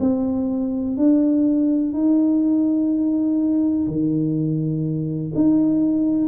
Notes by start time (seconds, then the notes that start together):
0.00 C4
0.97 D4
1.93 D#4
3.87 D#3
5.34 D#4